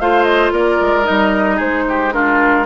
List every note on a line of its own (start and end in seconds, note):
0.00 0.52 A3
0.00 1.04 F4
0.00 0.53 C5
0.00 0.24 F5
0.24 0.51 D#5
0.52 0.79 A#3
0.52 1.56 A#4
0.52 1.06 D5
0.80 1.07 G#3
1.04 1.60 G3
1.04 2.11 D#4
1.04 1.59 D#5
1.56 2.66 G#3
1.56 1.83 G#4
1.56 2.13 C5
1.88 2.14 G4
2.12 2.65 D4
2.12 2.66 F4
2.12 2.66 A#4